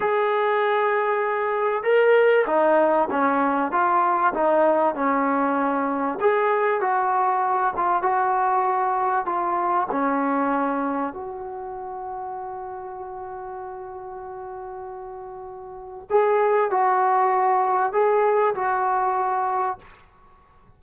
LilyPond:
\new Staff \with { instrumentName = "trombone" } { \time 4/4 \tempo 4 = 97 gis'2. ais'4 | dis'4 cis'4 f'4 dis'4 | cis'2 gis'4 fis'4~ | fis'8 f'8 fis'2 f'4 |
cis'2 fis'2~ | fis'1~ | fis'2 gis'4 fis'4~ | fis'4 gis'4 fis'2 | }